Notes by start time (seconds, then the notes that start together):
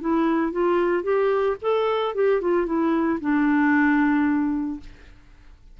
0.00 E4
0.52 F4
1.03 G4
1.61 A4
2.14 G4
2.41 F4
2.65 E4
3.20 D4